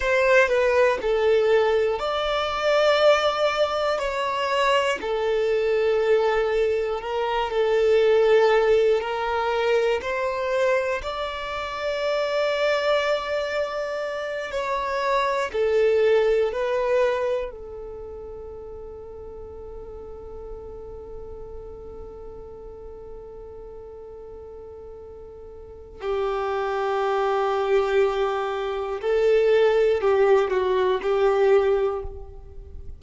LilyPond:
\new Staff \with { instrumentName = "violin" } { \time 4/4 \tempo 4 = 60 c''8 b'8 a'4 d''2 | cis''4 a'2 ais'8 a'8~ | a'4 ais'4 c''4 d''4~ | d''2~ d''8 cis''4 a'8~ |
a'8 b'4 a'2~ a'8~ | a'1~ | a'2 g'2~ | g'4 a'4 g'8 fis'8 g'4 | }